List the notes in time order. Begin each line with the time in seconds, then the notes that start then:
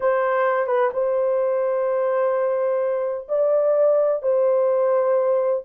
0.00 C5
0.66 B4
0.93 C5
3.28 D5
4.22 C5